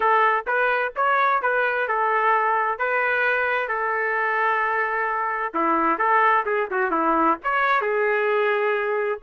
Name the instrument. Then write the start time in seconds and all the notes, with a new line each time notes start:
trumpet
0.00 A4
0.46 B4
0.96 C#5
1.41 B4
1.87 A4
2.78 B4
3.68 A4
5.54 E4
5.98 A4
6.45 G#4
6.70 F#4
6.90 E4
7.43 C#5
7.81 G#4